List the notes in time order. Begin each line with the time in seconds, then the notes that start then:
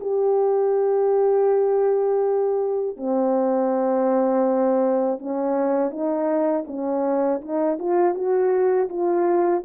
0.00 G4
2.96 C4
5.18 C#4
5.90 D#4
6.67 C#4
7.41 D#4
7.79 F4
8.14 F#4
8.89 F4